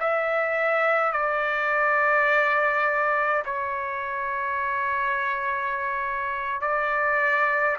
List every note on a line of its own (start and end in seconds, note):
0.00 1.13 E5
1.13 3.44 D5
3.45 6.61 C#5
6.61 7.77 D5